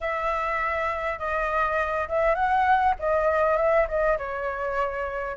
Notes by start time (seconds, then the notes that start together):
0.00 E5
1.19 D#5
2.08 E5
2.35 F#5
2.99 D#5
3.56 E5
3.87 D#5
4.18 C#5